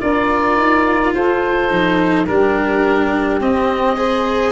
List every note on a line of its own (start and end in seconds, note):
0.00 0.56 D4
0.00 1.68 F4
0.00 1.13 A#4
0.00 1.13 D5
0.56 1.13 D#4
1.13 1.70 F4
1.13 2.27 A4
1.13 2.26 C5
1.68 2.27 F3
1.68 2.25 D#4
2.26 3.40 G3
2.26 3.41 D4
2.26 3.96 G4
2.26 3.40 A#4
3.40 4.52 C4
3.40 3.97 C4
3.40 4.52 D#5
3.96 4.52 G#4
3.96 4.52 C5